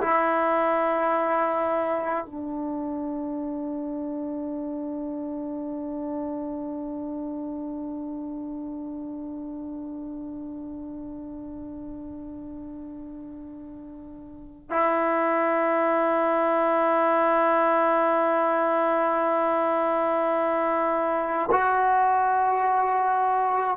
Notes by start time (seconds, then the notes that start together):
0.00 E4
2.25 D4
14.70 E4
21.51 F#4